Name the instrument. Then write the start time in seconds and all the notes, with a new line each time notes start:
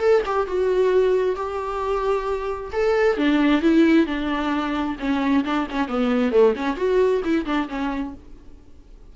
viola
0.00 A4
0.26 G4
0.47 F#4
1.36 G4
2.73 A4
3.17 D4
3.62 E4
4.06 D4
4.99 C#4
5.45 D4
5.71 C#4
5.88 B3
6.32 A3
6.56 C#4
6.76 F#4
7.24 E4
7.46 D4
7.69 C#4